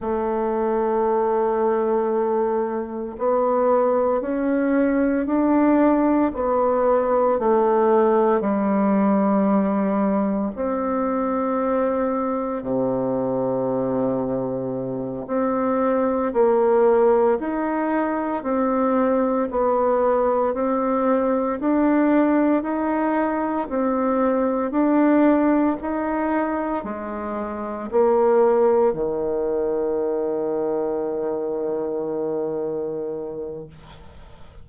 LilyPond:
\new Staff \with { instrumentName = "bassoon" } { \time 4/4 \tempo 4 = 57 a2. b4 | cis'4 d'4 b4 a4 | g2 c'2 | c2~ c8 c'4 ais8~ |
ais8 dis'4 c'4 b4 c'8~ | c'8 d'4 dis'4 c'4 d'8~ | d'8 dis'4 gis4 ais4 dis8~ | dis1 | }